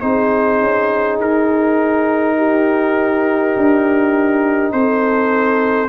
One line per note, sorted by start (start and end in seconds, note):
0.00 0.61 C4
0.00 5.89 D#4
0.00 2.37 G#4
0.00 1.18 C5
0.62 1.20 C#4
1.20 3.56 D#4
1.20 4.73 A#4
2.37 4.73 G4
3.57 4.73 D4
4.73 5.89 C4
4.73 5.89 A4
4.73 5.89 C5